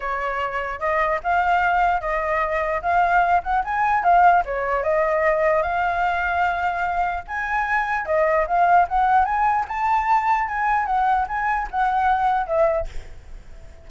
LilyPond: \new Staff \with { instrumentName = "flute" } { \time 4/4 \tempo 4 = 149 cis''2 dis''4 f''4~ | f''4 dis''2 f''4~ | f''8 fis''8 gis''4 f''4 cis''4 | dis''2 f''2~ |
f''2 gis''2 | dis''4 f''4 fis''4 gis''4 | a''2 gis''4 fis''4 | gis''4 fis''2 e''4 | }